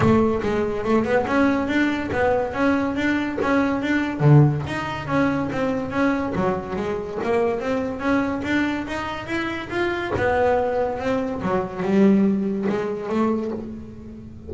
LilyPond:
\new Staff \with { instrumentName = "double bass" } { \time 4/4 \tempo 4 = 142 a4 gis4 a8 b8 cis'4 | d'4 b4 cis'4 d'4 | cis'4 d'4 d4 dis'4 | cis'4 c'4 cis'4 fis4 |
gis4 ais4 c'4 cis'4 | d'4 dis'4 e'4 f'4 | b2 c'4 fis4 | g2 gis4 a4 | }